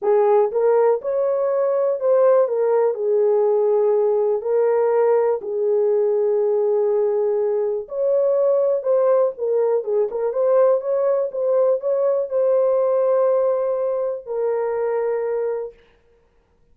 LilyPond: \new Staff \with { instrumentName = "horn" } { \time 4/4 \tempo 4 = 122 gis'4 ais'4 cis''2 | c''4 ais'4 gis'2~ | gis'4 ais'2 gis'4~ | gis'1 |
cis''2 c''4 ais'4 | gis'8 ais'8 c''4 cis''4 c''4 | cis''4 c''2.~ | c''4 ais'2. | }